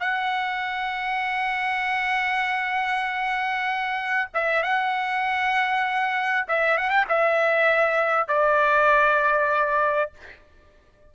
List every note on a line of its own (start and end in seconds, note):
0.00 4.29 F#5
4.34 4.63 E5
4.63 6.46 F#5
6.48 6.78 E5
6.78 6.90 F#5
6.90 7.05 G5
7.09 8.28 E5
8.28 10.12 D5